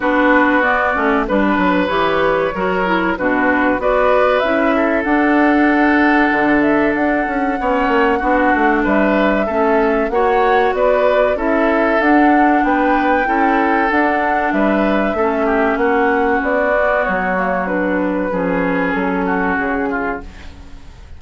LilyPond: <<
  \new Staff \with { instrumentName = "flute" } { \time 4/4 \tempo 4 = 95 b'4 d''4 b'4 cis''4~ | cis''4 b'4 d''4 e''4 | fis''2~ fis''8 e''8 fis''4~ | fis''2 e''2 |
fis''4 d''4 e''4 fis''4 | g''2 fis''4 e''4~ | e''4 fis''4 d''4 cis''4 | b'2 a'4 gis'4 | }
  \new Staff \with { instrumentName = "oboe" } { \time 4/4 fis'2 b'2 | ais'4 fis'4 b'4. a'8~ | a'1 | cis''4 fis'4 b'4 a'4 |
cis''4 b'4 a'2 | b'4 a'2 b'4 | a'8 g'8 fis'2.~ | fis'4 gis'4. fis'4 f'8 | }
  \new Staff \with { instrumentName = "clarinet" } { \time 4/4 d'4 b8 cis'8 d'4 g'4 | fis'8 e'8 d'4 fis'4 e'4 | d'1 | cis'4 d'2 cis'4 |
fis'2 e'4 d'4~ | d'4 e'4 d'2 | cis'2~ cis'8 b4 ais8 | d'4 cis'2. | }
  \new Staff \with { instrumentName = "bassoon" } { \time 4/4 b4. a8 g8 fis8 e4 | fis4 b,4 b4 cis'4 | d'2 d4 d'8 cis'8 | b8 ais8 b8 a8 g4 a4 |
ais4 b4 cis'4 d'4 | b4 cis'4 d'4 g4 | a4 ais4 b4 fis4~ | fis4 f4 fis4 cis4 | }
>>